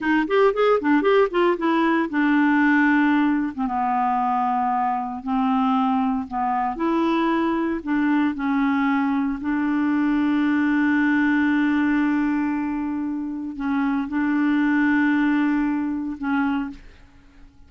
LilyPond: \new Staff \with { instrumentName = "clarinet" } { \time 4/4 \tempo 4 = 115 dis'8 g'8 gis'8 d'8 g'8 f'8 e'4 | d'2~ d'8. c'16 b4~ | b2 c'2 | b4 e'2 d'4 |
cis'2 d'2~ | d'1~ | d'2 cis'4 d'4~ | d'2. cis'4 | }